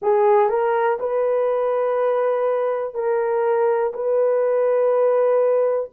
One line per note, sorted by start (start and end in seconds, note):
0.02 0.49 G#4
0.49 0.98 A#4
0.99 2.94 B4
2.94 3.93 A#4
3.93 5.90 B4